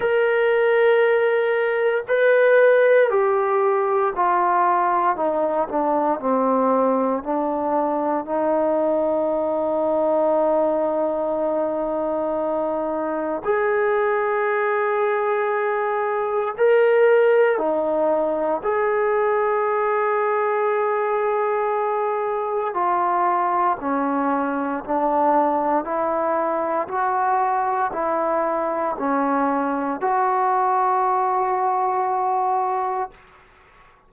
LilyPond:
\new Staff \with { instrumentName = "trombone" } { \time 4/4 \tempo 4 = 58 ais'2 b'4 g'4 | f'4 dis'8 d'8 c'4 d'4 | dis'1~ | dis'4 gis'2. |
ais'4 dis'4 gis'2~ | gis'2 f'4 cis'4 | d'4 e'4 fis'4 e'4 | cis'4 fis'2. | }